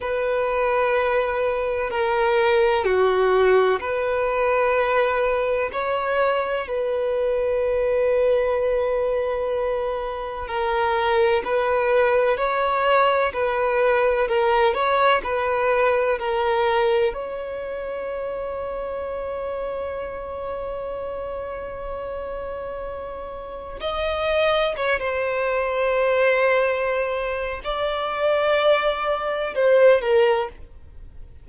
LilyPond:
\new Staff \with { instrumentName = "violin" } { \time 4/4 \tempo 4 = 63 b'2 ais'4 fis'4 | b'2 cis''4 b'4~ | b'2. ais'4 | b'4 cis''4 b'4 ais'8 cis''8 |
b'4 ais'4 cis''2~ | cis''1~ | cis''4 dis''4 cis''16 c''4.~ c''16~ | c''4 d''2 c''8 ais'8 | }